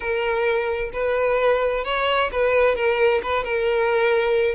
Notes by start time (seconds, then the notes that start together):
0.00 A#4
0.92 B4
1.84 C#5
2.32 B4
2.75 A#4
3.22 B4
3.44 A#4